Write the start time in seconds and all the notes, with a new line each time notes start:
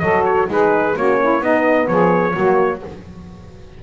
0.00 F#3 F#4 A4 D#5
0.26 C#5
0.48 G#3 D#4 G#4 B4
0.97 A#3 C#4 F#4 C#5
1.21 E4
1.41 B3 D#4 D#5
1.88 F3 G#4 C#5
2.33 F#3 A#3 F#4